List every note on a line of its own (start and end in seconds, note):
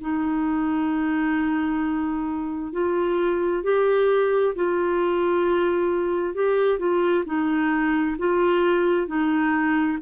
0.00 2.72 D#4
2.72 3.63 F4
3.63 4.54 G4
4.55 6.34 F4
6.34 6.79 G4
6.79 7.24 F4
7.25 8.16 D#4
8.18 9.07 F4
9.07 9.98 D#4